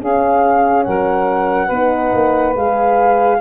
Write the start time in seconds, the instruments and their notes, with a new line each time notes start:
0.00 horn C#4, tuba C#4, saxophone G#4, flute F5
0.83 tuba F#3, saxophone A#4, flute F#5
1.66 tuba B3, saxophone B4
1.74 horn D#4
2.13 tuba A#3
2.55 tuba G#3, horn G#4, flute F5